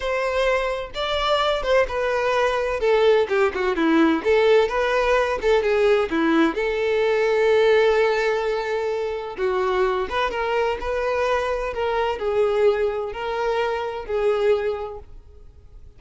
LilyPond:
\new Staff \with { instrumentName = "violin" } { \time 4/4 \tempo 4 = 128 c''2 d''4. c''8 | b'2 a'4 g'8 fis'8 | e'4 a'4 b'4. a'8 | gis'4 e'4 a'2~ |
a'1 | fis'4. b'8 ais'4 b'4~ | b'4 ais'4 gis'2 | ais'2 gis'2 | }